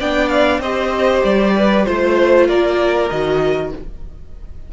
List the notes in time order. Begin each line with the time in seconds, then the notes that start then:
0.00 B3 D4 D5 G5
0.29 F5
0.60 C4 G4 C5 D#5
1.24 G3 D5
1.56 B4
1.85 A3 F4 C5
2.48 A#3 A#4 D5
3.10 D#3 F#4 D#5